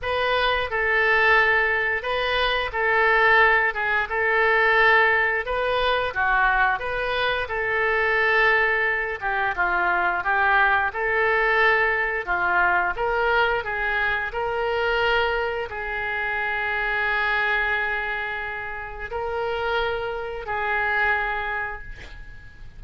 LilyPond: \new Staff \with { instrumentName = "oboe" } { \time 4/4 \tempo 4 = 88 b'4 a'2 b'4 | a'4. gis'8 a'2 | b'4 fis'4 b'4 a'4~ | a'4. g'8 f'4 g'4 |
a'2 f'4 ais'4 | gis'4 ais'2 gis'4~ | gis'1 | ais'2 gis'2 | }